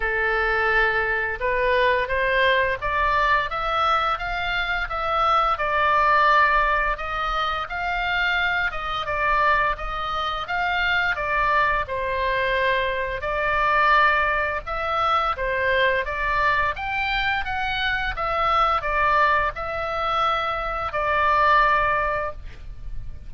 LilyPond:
\new Staff \with { instrumentName = "oboe" } { \time 4/4 \tempo 4 = 86 a'2 b'4 c''4 | d''4 e''4 f''4 e''4 | d''2 dis''4 f''4~ | f''8 dis''8 d''4 dis''4 f''4 |
d''4 c''2 d''4~ | d''4 e''4 c''4 d''4 | g''4 fis''4 e''4 d''4 | e''2 d''2 | }